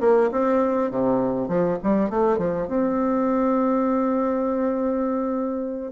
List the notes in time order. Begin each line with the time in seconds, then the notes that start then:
0.00 A#3
0.31 C4
0.90 C3
1.48 F3
1.83 G3
2.09 A3
2.38 F3
2.67 C4